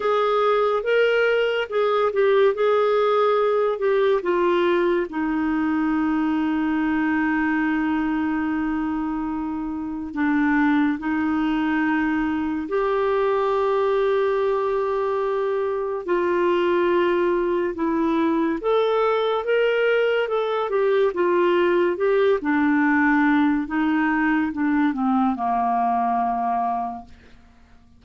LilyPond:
\new Staff \with { instrumentName = "clarinet" } { \time 4/4 \tempo 4 = 71 gis'4 ais'4 gis'8 g'8 gis'4~ | gis'8 g'8 f'4 dis'2~ | dis'1 | d'4 dis'2 g'4~ |
g'2. f'4~ | f'4 e'4 a'4 ais'4 | a'8 g'8 f'4 g'8 d'4. | dis'4 d'8 c'8 ais2 | }